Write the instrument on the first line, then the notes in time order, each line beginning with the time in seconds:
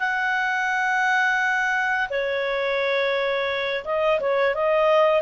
clarinet
0.00 F#5
2.11 C#5
3.85 D#5
4.21 C#5
4.55 D#5